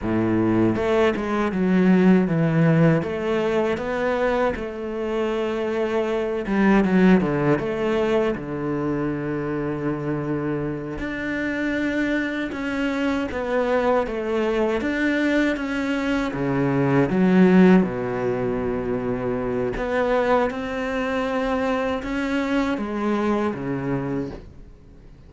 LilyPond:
\new Staff \with { instrumentName = "cello" } { \time 4/4 \tempo 4 = 79 a,4 a8 gis8 fis4 e4 | a4 b4 a2~ | a8 g8 fis8 d8 a4 d4~ | d2~ d8 d'4.~ |
d'8 cis'4 b4 a4 d'8~ | d'8 cis'4 cis4 fis4 b,8~ | b,2 b4 c'4~ | c'4 cis'4 gis4 cis4 | }